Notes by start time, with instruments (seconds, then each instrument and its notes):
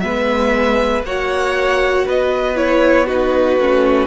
0.00 cello G#3, viola B3, violin B4 E5
1.03 cello A#3, viola F#4, violin C#5 F#5
2.06 cello B3, violin B4 D#5
2.56 viola E4, violin C#5
3.06 viola D#4, violin F#4 B4
3.58 cello A3, viola C#4